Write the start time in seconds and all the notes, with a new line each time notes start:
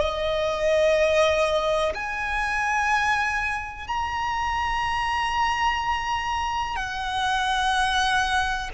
0.00 D#5
1.95 G#5
3.88 A#5
6.77 F#5